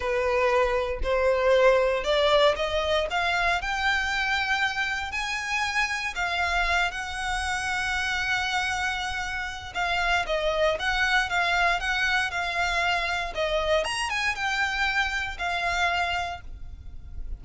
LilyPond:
\new Staff \with { instrumentName = "violin" } { \time 4/4 \tempo 4 = 117 b'2 c''2 | d''4 dis''4 f''4 g''4~ | g''2 gis''2 | f''4. fis''2~ fis''8~ |
fis''2. f''4 | dis''4 fis''4 f''4 fis''4 | f''2 dis''4 ais''8 gis''8 | g''2 f''2 | }